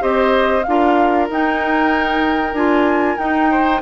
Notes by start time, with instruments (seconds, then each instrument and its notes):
0.00 bassoon C4, clarinet G4, oboe C5, flute D#5
0.63 bassoon D4, clarinet F4, flute F5
0.69 oboe A#4
1.29 bassoon D#4, clarinet D#4, flute G5
2.53 bassoon D4, clarinet F4, flute G#5
3.18 bassoon D#4, clarinet D#4, flute G5
3.51 oboe C5